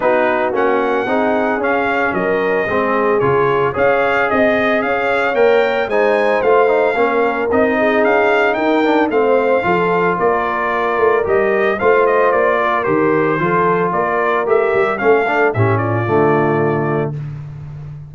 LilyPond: <<
  \new Staff \with { instrumentName = "trumpet" } { \time 4/4 \tempo 4 = 112 b'4 fis''2 f''4 | dis''2 cis''4 f''4 | dis''4 f''4 g''4 gis''4 | f''2 dis''4 f''4 |
g''4 f''2 d''4~ | d''4 dis''4 f''8 dis''8 d''4 | c''2 d''4 e''4 | f''4 e''8 d''2~ d''8 | }
  \new Staff \with { instrumentName = "horn" } { \time 4/4 fis'2 gis'2 | ais'4 gis'2 cis''4 | dis''4 cis''2 c''4~ | c''4 ais'4. gis'4. |
ais'4 c''4 a'4 ais'4~ | ais'2 c''4. ais'8~ | ais'4 a'4 ais'2 | a'4 g'8 f'2~ f'8 | }
  \new Staff \with { instrumentName = "trombone" } { \time 4/4 dis'4 cis'4 dis'4 cis'4~ | cis'4 c'4 f'4 gis'4~ | gis'2 ais'4 dis'4 | f'8 dis'8 cis'4 dis'2~ |
dis'8 d'8 c'4 f'2~ | f'4 g'4 f'2 | g'4 f'2 g'4 | cis'8 d'8 cis'4 a2 | }
  \new Staff \with { instrumentName = "tuba" } { \time 4/4 b4 ais4 c'4 cis'4 | fis4 gis4 cis4 cis'4 | c'4 cis'4 ais4 gis4 | a4 ais4 c'4 cis'4 |
dis'4 a4 f4 ais4~ | ais8 a8 g4 a4 ais4 | dis4 f4 ais4 a8 g8 | a4 a,4 d2 | }
>>